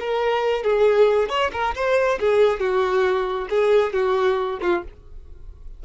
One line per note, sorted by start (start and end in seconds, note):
0.00 0.64 A#4
0.64 1.29 G#4
1.29 1.51 C#5
1.53 1.75 A#4
1.75 2.19 C5
2.20 2.60 G#4
2.60 3.48 F#4
3.50 3.93 G#4
3.93 4.59 F#4
4.61 4.83 F4